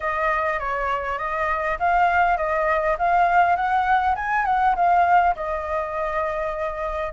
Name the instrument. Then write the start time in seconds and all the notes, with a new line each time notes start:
flute
0.00 D#5
0.59 C#5
1.18 D#5
1.79 F5
2.37 D#5
2.98 F5
3.56 F#5
4.15 G#5
4.45 F#5
4.75 F5
5.35 D#5